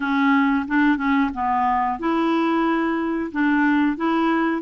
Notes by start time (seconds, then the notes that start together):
0.00 C#4
0.67 D4
0.97 C#4
1.34 B3
1.99 E4
3.31 D4
3.97 E4